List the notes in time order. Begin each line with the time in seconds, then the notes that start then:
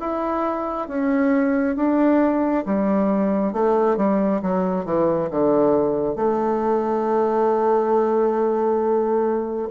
0.00 E4
0.88 C#4
1.76 D4
2.66 G3
3.53 A3
3.97 G3
4.42 F#3
4.85 E3
5.31 D3
6.16 A3